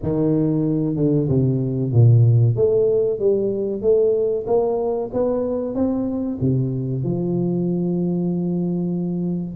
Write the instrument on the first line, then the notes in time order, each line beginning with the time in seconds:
tuba
0.02 D#3
0.96 D3
1.29 C3
1.92 A#2
2.56 A3
3.19 G3
3.81 A3
4.46 A#3
5.13 B3
5.74 C4
6.41 C3
7.03 F3